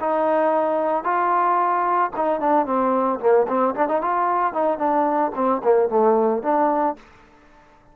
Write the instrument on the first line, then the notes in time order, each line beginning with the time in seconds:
trombone
0.00 D#4
1.03 F4
2.16 D#4
2.40 D4
2.65 C4
3.19 A#3
3.47 C4
3.75 D4
3.88 D#4
4.01 F4
4.53 D#4
4.78 D4
5.35 C4
5.64 A#3
5.89 A3
6.42 D4